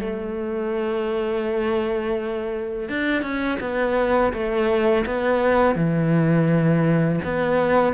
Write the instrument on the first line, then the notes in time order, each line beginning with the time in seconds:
cello
0.00 A3
2.88 D4
3.22 C#4
3.60 B3
4.32 A3
5.05 B3
5.75 E3
7.24 B3